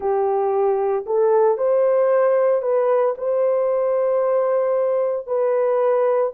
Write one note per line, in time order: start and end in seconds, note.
0.00 1.05 G4
1.06 1.57 A4
1.57 2.62 C5
2.62 3.14 B4
3.17 5.26 C5
5.26 6.32 B4